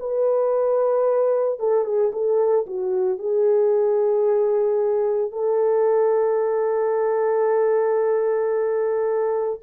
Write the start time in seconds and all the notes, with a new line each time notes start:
0.00 B4
1.59 A4
1.85 G#4
2.12 A4
2.66 F#4
3.19 G#4
5.31 A4